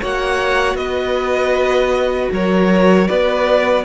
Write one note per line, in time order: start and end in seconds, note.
0.00 0.74 A#3
0.00 3.85 F#4
0.00 0.77 C#5
0.00 0.76 F#5
0.74 2.28 B3
0.74 2.32 B4
0.74 2.30 D#5
2.32 3.08 F#3
2.32 3.08 A#4
2.32 3.08 C#5
3.08 3.85 B3
3.08 3.84 B4
3.08 3.84 D5